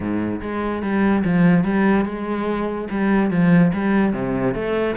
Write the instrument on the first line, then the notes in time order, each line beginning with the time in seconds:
cello
0.00 G#2
0.41 G#3
0.82 G3
1.24 F3
1.64 G3
2.05 G#3
2.90 G3
3.30 F3
3.73 G3
4.13 C3
4.54 A3